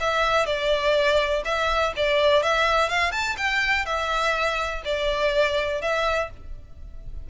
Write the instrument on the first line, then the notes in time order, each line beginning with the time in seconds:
violin
0.00 E5
0.46 D5
1.45 E5
1.96 D5
2.43 E5
2.89 F5
3.12 A5
3.37 G5
3.86 E5
4.85 D5
5.82 E5